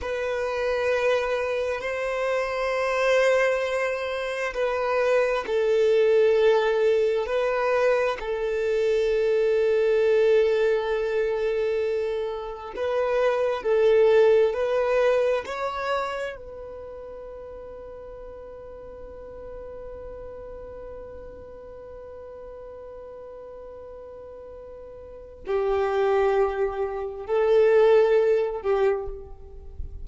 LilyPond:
\new Staff \with { instrumentName = "violin" } { \time 4/4 \tempo 4 = 66 b'2 c''2~ | c''4 b'4 a'2 | b'4 a'2.~ | a'2 b'4 a'4 |
b'4 cis''4 b'2~ | b'1~ | b'1 | g'2 a'4. g'8 | }